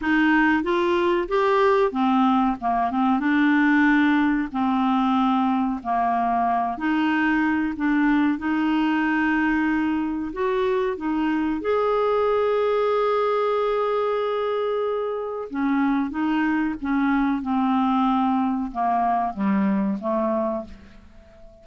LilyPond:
\new Staff \with { instrumentName = "clarinet" } { \time 4/4 \tempo 4 = 93 dis'4 f'4 g'4 c'4 | ais8 c'8 d'2 c'4~ | c'4 ais4. dis'4. | d'4 dis'2. |
fis'4 dis'4 gis'2~ | gis'1 | cis'4 dis'4 cis'4 c'4~ | c'4 ais4 g4 a4 | }